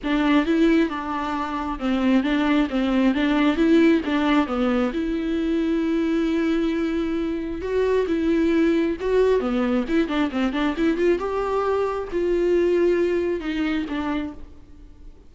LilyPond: \new Staff \with { instrumentName = "viola" } { \time 4/4 \tempo 4 = 134 d'4 e'4 d'2 | c'4 d'4 c'4 d'4 | e'4 d'4 b4 e'4~ | e'1~ |
e'4 fis'4 e'2 | fis'4 b4 e'8 d'8 c'8 d'8 | e'8 f'8 g'2 f'4~ | f'2 dis'4 d'4 | }